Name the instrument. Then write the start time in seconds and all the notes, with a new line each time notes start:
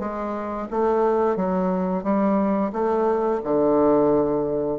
bassoon
0.00 G#3
0.71 A3
1.37 F#3
2.04 G3
2.73 A3
3.44 D3